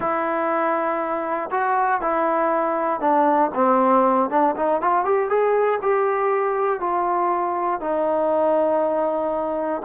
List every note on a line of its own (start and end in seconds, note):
0.00 1.49 E4
1.50 2.01 F#4
2.01 3.00 E4
3.00 3.50 D4
3.54 4.29 C4
4.29 4.55 D4
4.55 4.81 D#4
4.81 5.04 F4
5.04 5.29 G4
5.29 5.79 G#4
5.81 6.79 G4
6.79 7.80 F4
7.80 9.82 D#4